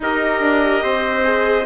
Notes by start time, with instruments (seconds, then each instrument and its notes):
0.00 bassoon D#4, viola G4, trumpet A#4, clarinet D#5
0.40 bassoon D4
0.82 bassoon C4, trumpet C5
1.23 viola G#4